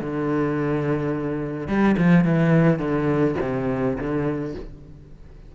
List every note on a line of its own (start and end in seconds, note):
0.00 1.67 D3
1.67 1.95 G3
1.97 2.24 F3
2.24 2.78 E3
2.78 3.35 D3
3.40 3.97 C3
3.98 4.54 D3